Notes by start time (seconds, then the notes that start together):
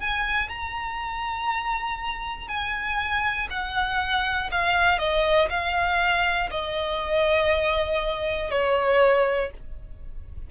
0.00 G#5
0.49 A#5
2.48 G#5
3.50 F#5
4.51 F5
4.99 D#5
5.50 F5
6.50 D#5
8.51 C#5